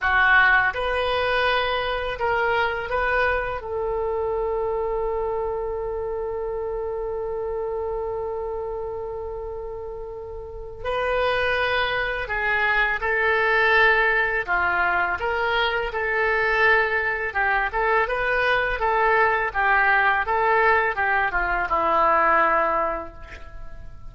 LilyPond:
\new Staff \with { instrumentName = "oboe" } { \time 4/4 \tempo 4 = 83 fis'4 b'2 ais'4 | b'4 a'2.~ | a'1~ | a'2. b'4~ |
b'4 gis'4 a'2 | f'4 ais'4 a'2 | g'8 a'8 b'4 a'4 g'4 | a'4 g'8 f'8 e'2 | }